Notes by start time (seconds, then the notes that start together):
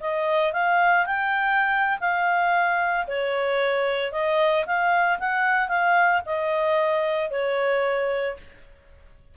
0.00 D#5
0.53 F5
1.06 G5
2.01 F5
3.07 C#5
4.12 D#5
4.66 F5
5.19 F#5
5.68 F5
6.25 D#5
7.30 C#5